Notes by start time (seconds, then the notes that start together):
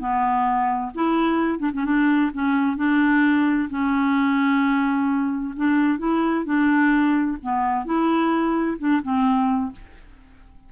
0.00 B3
0.95 E4
1.59 D4
1.74 C#4
1.85 D4
2.34 C#4
2.77 D4
3.70 C#4
5.56 D4
5.99 E4
6.46 D4
7.43 B3
7.86 E4
8.79 D4
9.03 C4